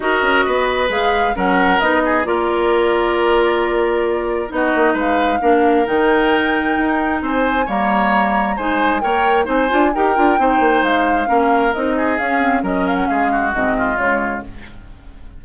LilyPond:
<<
  \new Staff \with { instrumentName = "flute" } { \time 4/4 \tempo 4 = 133 dis''2 f''4 fis''4 | dis''4 d''2.~ | d''2 dis''4 f''4~ | f''4 g''2. |
gis''4 ais''2 gis''4 | g''4 gis''4 g''2 | f''2 dis''4 f''4 | dis''8 f''16 fis''16 f''4 dis''4 cis''4 | }
  \new Staff \with { instrumentName = "oboe" } { \time 4/4 ais'4 b'2 ais'4~ | ais'8 gis'8 ais'2.~ | ais'2 fis'4 b'4 | ais'1 |
c''4 cis''2 c''4 | cis''4 c''4 ais'4 c''4~ | c''4 ais'4. gis'4. | ais'4 gis'8 fis'4 f'4. | }
  \new Staff \with { instrumentName = "clarinet" } { \time 4/4 fis'2 gis'4 cis'4 | dis'4 f'2.~ | f'2 dis'2 | d'4 dis'2.~ |
dis'4 ais2 dis'4 | ais'4 dis'8 f'8 g'8 f'8 dis'4~ | dis'4 cis'4 dis'4 cis'8 c'8 | cis'2 c'4 gis4 | }
  \new Staff \with { instrumentName = "bassoon" } { \time 4/4 dis'8 cis'8 b4 gis4 fis4 | b4 ais2.~ | ais2 b8 ais8 gis4 | ais4 dis2 dis'4 |
c'4 g2 gis4 | ais4 c'8 d'8 dis'8 d'8 c'8 ais8 | gis4 ais4 c'4 cis'4 | fis4 gis4 gis,4 cis4 | }
>>